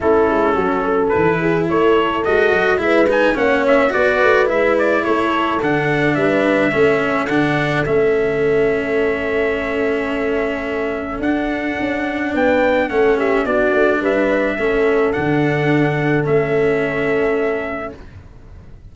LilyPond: <<
  \new Staff \with { instrumentName = "trumpet" } { \time 4/4 \tempo 4 = 107 a'2 b'4 cis''4 | dis''4 e''8 gis''8 fis''8 e''8 d''4 | e''8 d''8 cis''4 fis''4 e''4~ | e''4 fis''4 e''2~ |
e''1 | fis''2 g''4 fis''8 e''8 | d''4 e''2 fis''4~ | fis''4 e''2. | }
  \new Staff \with { instrumentName = "horn" } { \time 4/4 e'4 fis'8 a'4 gis'8 a'4~ | a'4 b'4 cis''4 b'4~ | b'4 a'2 b'4 | a'1~ |
a'1~ | a'2 b'4 a'8 g'8 | fis'4 b'4 a'2~ | a'1 | }
  \new Staff \with { instrumentName = "cello" } { \time 4/4 cis'2 e'2 | fis'4 e'8 dis'8 cis'4 fis'4 | e'2 d'2 | cis'4 d'4 cis'2~ |
cis'1 | d'2. cis'4 | d'2 cis'4 d'4~ | d'4 cis'2. | }
  \new Staff \with { instrumentName = "tuba" } { \time 4/4 a8 gis8 fis4 e4 a4 | gis8 fis8 gis4 ais4 b8 a8 | gis4 a4 d4 g4 | a4 d4 a2~ |
a1 | d'4 cis'4 b4 a4 | b8 a8 g4 a4 d4~ | d4 a2. | }
>>